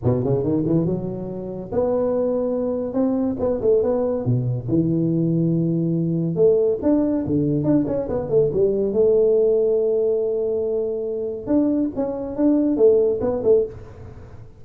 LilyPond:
\new Staff \with { instrumentName = "tuba" } { \time 4/4 \tempo 4 = 141 b,8 cis8 dis8 e8 fis2 | b2. c'4 | b8 a8 b4 b,4 e4~ | e2. a4 |
d'4 d4 d'8 cis'8 b8 a8 | g4 a2.~ | a2. d'4 | cis'4 d'4 a4 b8 a8 | }